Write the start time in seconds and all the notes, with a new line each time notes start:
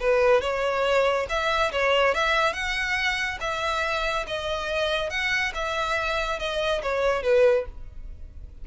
0.00 B4
0.41 C#5
1.29 E5
1.72 C#5
2.14 E5
2.53 F#5
3.40 E5
4.27 D#5
5.10 F#5
5.54 E5
6.39 D#5
6.82 C#5
7.22 B4